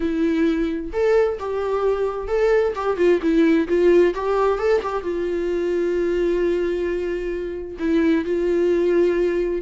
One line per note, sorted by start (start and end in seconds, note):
0.00 0.91 E4
0.92 1.38 A4
1.39 2.27 G4
2.27 2.73 A4
2.75 2.96 G4
2.96 3.19 F4
3.21 3.67 E4
3.68 4.13 F4
4.14 4.58 G4
4.58 4.81 A4
4.82 5.03 G4
5.03 7.77 F4
7.79 8.24 E4
8.24 9.61 F4